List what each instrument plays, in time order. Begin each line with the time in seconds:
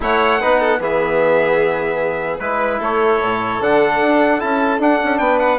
0.00 bassoon A3, trombone E4, violin C#5, trumpet F#5
0.40 bassoon B3, trombone D#4, violin B4
0.59 violin A4
0.79 bassoon E3, trombone B3, violin G#4, trumpet E5
2.39 bassoon G#3, trombone E4, trumpet B4, violin B4
2.79 bassoon A3, violin A4, trumpet C#5
3.21 bassoon A2
3.60 bassoon D3, trombone D4, trumpet F#5
4.02 bassoon D4
4.39 bassoon C#4, trombone E4, trumpet A5
4.79 bassoon D4, trombone D4, trumpet F#5
5.04 bassoon C#4
5.18 bassoon B3, violin B4, trumpet G5
5.39 trumpet F#5